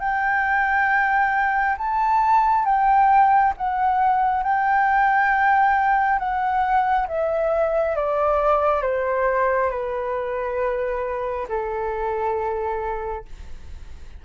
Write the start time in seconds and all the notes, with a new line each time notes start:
0.00 G5
1.78 A5
2.65 G5
3.57 F#5
4.43 G5
6.19 F#5
7.08 E5
7.96 D5
8.82 C5
9.71 B4
11.49 A4